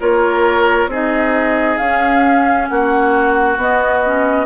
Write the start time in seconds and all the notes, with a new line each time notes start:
0.00 A#3 F4 A#4 C#5
0.87 C4 D#4 G#4 D#5
1.77 C#4 F5
2.68 A#3 F#4 F#5
3.57 B3 D#5
4.05 C#4